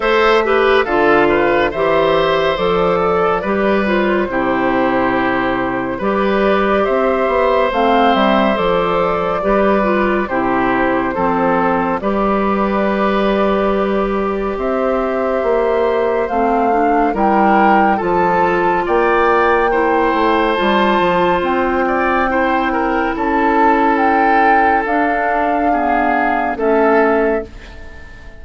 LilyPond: <<
  \new Staff \with { instrumentName = "flute" } { \time 4/4 \tempo 4 = 70 e''4 f''4 e''4 d''4~ | d''8 c''2~ c''8 d''4 | e''4 f''8 e''8 d''2 | c''2 d''2~ |
d''4 e''2 f''4 | g''4 a''4 g''2 | a''4 g''2 a''4 | g''4 f''2 e''4 | }
  \new Staff \with { instrumentName = "oboe" } { \time 4/4 c''8 b'8 a'8 b'8 c''4. a'8 | b'4 g'2 b'4 | c''2. b'4 | g'4 a'4 b'2~ |
b'4 c''2. | ais'4 a'4 d''4 c''4~ | c''4. d''8 c''8 ais'8 a'4~ | a'2 gis'4 a'4 | }
  \new Staff \with { instrumentName = "clarinet" } { \time 4/4 a'8 g'8 f'4 g'4 a'4 | g'8 f'8 e'2 g'4~ | g'4 c'4 a'4 g'8 f'8 | e'4 c'4 g'2~ |
g'2. c'8 d'8 | e'4 f'2 e'4 | f'2 e'2~ | e'4 d'4 b4 cis'4 | }
  \new Staff \with { instrumentName = "bassoon" } { \time 4/4 a4 d4 e4 f4 | g4 c2 g4 | c'8 b8 a8 g8 f4 g4 | c4 f4 g2~ |
g4 c'4 ais4 a4 | g4 f4 ais4. a8 | g8 f8 c'2 cis'4~ | cis'4 d'2 a4 | }
>>